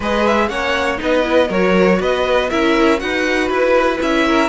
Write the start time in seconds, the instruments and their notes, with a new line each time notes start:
0.00 cello G#3, viola G#4, violin B4 D#5
0.26 violin E5
0.48 cello A#3, viola C#4, violin C#5 F#5
0.97 cello B3, viola D#4, violin B4 D#5
1.22 viola E4
1.48 cello F#3, viola F#4, violin A#4 C#5
2.00 cello B3, violin B4 D#5
2.50 cello C#4, viola E4, violin A#4 E5
2.97 cello D#4, viola F#4, violin B4 F#5
3.48 cello E4, violin B4
3.99 cello C#4, viola E4, violin E5
4.26 violin A#4